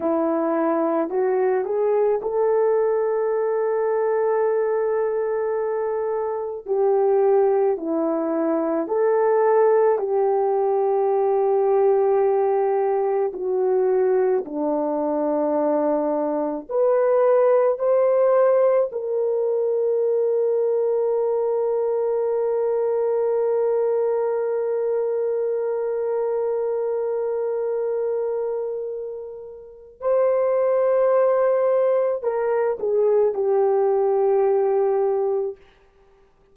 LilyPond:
\new Staff \with { instrumentName = "horn" } { \time 4/4 \tempo 4 = 54 e'4 fis'8 gis'8 a'2~ | a'2 g'4 e'4 | a'4 g'2. | fis'4 d'2 b'4 |
c''4 ais'2.~ | ais'1~ | ais'2. c''4~ | c''4 ais'8 gis'8 g'2 | }